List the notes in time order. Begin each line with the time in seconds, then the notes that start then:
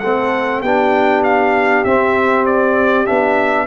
0.00 A3 C4 A4 F#5
0.61 B3 D4 G4 G5
1.23 F5
1.84 C4 E5
2.46 D5
3.06 B3 D4 E5